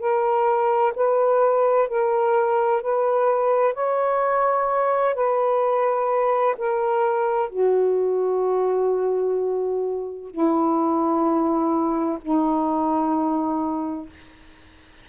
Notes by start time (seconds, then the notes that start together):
0.00 A#4
0.96 B4
1.88 A#4
2.82 B4
3.75 C#5
5.15 B4
6.58 A#4
7.50 F#4
10.31 E4
12.22 D#4